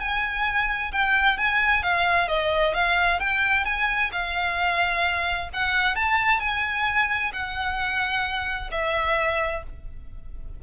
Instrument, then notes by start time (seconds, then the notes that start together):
violin
0.00 G#5
0.92 G5
1.37 G#5
1.83 F5
2.28 D#5
2.74 F5
3.20 G5
3.65 G#5
4.12 F5
5.53 F#5
5.95 A5
6.40 G#5
7.33 F#5
8.71 E5